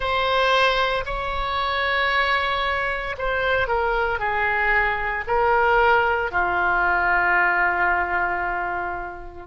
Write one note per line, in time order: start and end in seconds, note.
0.00 1.04 C5
1.05 3.16 C#5
3.18 3.67 C5
3.67 4.19 A#4
4.19 5.24 G#4
5.27 6.31 A#4
6.31 9.46 F4